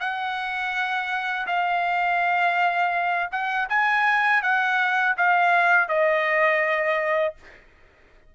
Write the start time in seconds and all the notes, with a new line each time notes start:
0.00 F#5
1.47 F5
3.31 F#5
3.69 G#5
4.42 F#5
5.17 F5
5.88 D#5